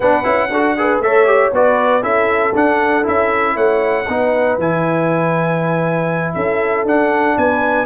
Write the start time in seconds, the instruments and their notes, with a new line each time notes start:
0.00 tuba B3, trombone D4, horn B4, trumpet F#5
0.23 tuba C#4, trombone E4
0.49 tuba D4, trombone F#4, horn A4
0.77 trombone G#4, horn B4
0.99 tuba A3, trombone A4, horn C#5, trumpet E5
1.26 trombone G4
1.52 tuba B3, trombone F#4, horn B4, trumpet D5
2.01 tuba C#4, trombone E4, horn A4, trumpet E5
2.55 trombone D4, tuba D4, trumpet F#5
3.03 tuba C#4, trombone E4, trumpet E5
3.54 tuba A3, horn C#5, trumpet F#5
4.08 tuba B3, trombone D#4, horn B4
4.58 tuba E3, trombone E4, trumpet G#5
6.34 tuba C#4, horn A4, trumpet E5
6.85 tuba D4, trombone D4, trumpet F#5
7.37 tuba B3, horn B4, trumpet G#5